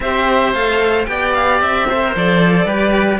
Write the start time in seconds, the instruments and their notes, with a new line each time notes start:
0.00 cello C4 G4, oboe C5, violin E5
0.53 cello A3 A4, violin F5
1.04 cello B3 G4, oboe D5, violin G5
1.34 violin F5
1.61 cello C4, violin E5
1.88 cello A4, oboe C5
2.03 cello A#4
2.15 cello F3 A4, violin D5
2.65 cello G3 G4, oboe B4